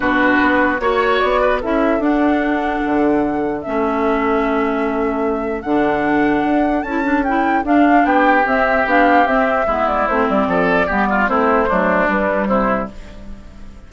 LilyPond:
<<
  \new Staff \with { instrumentName = "flute" } { \time 4/4 \tempo 4 = 149 b'2 cis''4 d''4 | e''4 fis''2.~ | fis''4 e''2.~ | e''2 fis''2~ |
fis''4 a''4 g''4 f''4 | g''4 e''4 f''4 e''4~ | e''8 d''8 c''8 d''2~ d''8 | c''2 b'4 c''4 | }
  \new Staff \with { instrumentName = "oboe" } { \time 4/4 fis'2 cis''4. b'8 | a'1~ | a'1~ | a'1~ |
a'1 | g'1 | e'2 a'4 g'8 f'8 | e'4 d'2 e'4 | }
  \new Staff \with { instrumentName = "clarinet" } { \time 4/4 d'2 fis'2 | e'4 d'2.~ | d'4 cis'2.~ | cis'2 d'2~ |
d'4 e'8 d'8 e'4 d'4~ | d'4 c'4 d'4 c'4 | b4 c'2 b4 | c'4 a4 g2 | }
  \new Staff \with { instrumentName = "bassoon" } { \time 4/4 b,4 b4 ais4 b4 | cis'4 d'2 d4~ | d4 a2.~ | a2 d2 |
d'4 cis'2 d'4 | b4 c'4 b4 c'4 | gis4 a8 g8 f4 g4 | a4 fis4 g4 c4 | }
>>